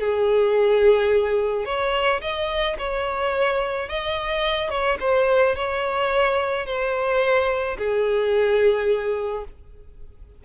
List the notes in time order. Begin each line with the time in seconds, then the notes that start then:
0.00 G#4
1.66 C#5
2.21 D#5
2.79 C#5
3.89 D#5
4.70 C#5
5.00 C5
5.56 C#5
6.66 C5
7.78 G#4